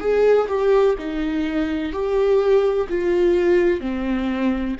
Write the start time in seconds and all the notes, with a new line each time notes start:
0.00 G#4
0.48 G4
0.98 D#4
1.92 G4
2.89 F4
3.80 C4